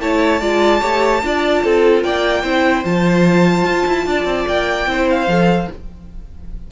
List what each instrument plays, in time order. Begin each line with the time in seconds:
0.00 cello A3, viola E4, violin C#5 A5
0.41 cello G#3, viola F4, violin D5
0.81 cello A3, viola G4, violin C#5
1.23 cello D4, viola F4, violin D5
1.64 cello C4, violin A4
2.03 cello A#3, violin D5 G5
2.42 cello C4, viola E4, violin C5
2.84 cello F3, viola F4, violin A5
3.65 cello F4
3.86 cello E4
4.06 cello D4, violin D5
4.25 cello C4
4.47 cello A#3, violin G5
4.86 cello C4, viola E4, violin C5
5.10 violin F5
5.27 cello F3, viola A4